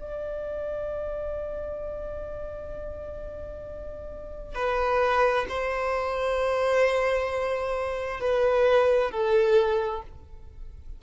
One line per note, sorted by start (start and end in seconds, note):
0.00 4.55 D5
4.55 5.45 B4
5.48 8.20 C5
8.20 9.11 B4
9.11 10.02 A4